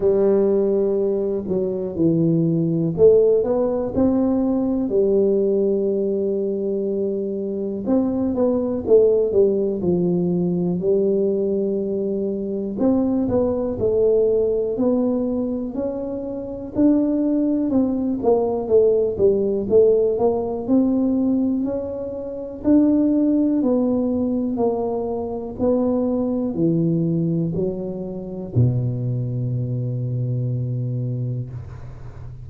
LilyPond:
\new Staff \with { instrumentName = "tuba" } { \time 4/4 \tempo 4 = 61 g4. fis8 e4 a8 b8 | c'4 g2. | c'8 b8 a8 g8 f4 g4~ | g4 c'8 b8 a4 b4 |
cis'4 d'4 c'8 ais8 a8 g8 | a8 ais8 c'4 cis'4 d'4 | b4 ais4 b4 e4 | fis4 b,2. | }